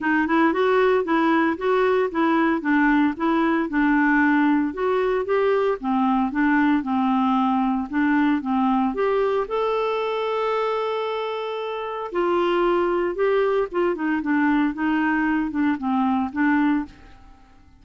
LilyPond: \new Staff \with { instrumentName = "clarinet" } { \time 4/4 \tempo 4 = 114 dis'8 e'8 fis'4 e'4 fis'4 | e'4 d'4 e'4 d'4~ | d'4 fis'4 g'4 c'4 | d'4 c'2 d'4 |
c'4 g'4 a'2~ | a'2. f'4~ | f'4 g'4 f'8 dis'8 d'4 | dis'4. d'8 c'4 d'4 | }